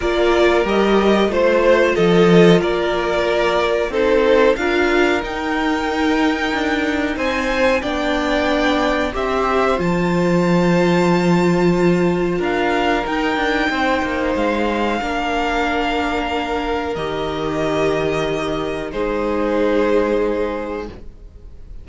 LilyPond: <<
  \new Staff \with { instrumentName = "violin" } { \time 4/4 \tempo 4 = 92 d''4 dis''4 c''4 dis''4 | d''2 c''4 f''4 | g''2. gis''4 | g''2 e''4 a''4~ |
a''2. f''4 | g''2 f''2~ | f''2 dis''2~ | dis''4 c''2. | }
  \new Staff \with { instrumentName = "violin" } { \time 4/4 ais'2 c''4 a'4 | ais'2 a'4 ais'4~ | ais'2. c''4 | d''2 c''2~ |
c''2. ais'4~ | ais'4 c''2 ais'4~ | ais'1~ | ais'4 gis'2. | }
  \new Staff \with { instrumentName = "viola" } { \time 4/4 f'4 g'4 f'2~ | f'2 dis'4 f'4 | dis'1 | d'2 g'4 f'4~ |
f'1 | dis'2. d'4~ | d'2 g'2~ | g'4 dis'2. | }
  \new Staff \with { instrumentName = "cello" } { \time 4/4 ais4 g4 a4 f4 | ais2 c'4 d'4 | dis'2 d'4 c'4 | b2 c'4 f4~ |
f2. d'4 | dis'8 d'8 c'8 ais8 gis4 ais4~ | ais2 dis2~ | dis4 gis2. | }
>>